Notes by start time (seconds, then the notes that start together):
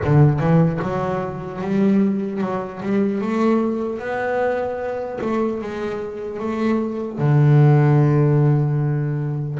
0.04 D3
0.39 E3
0.82 F#3
1.61 G3
2.41 F#3
2.82 G3
3.21 A3
3.99 B3
5.21 A3
5.61 G#3
6.39 A3
7.18 D3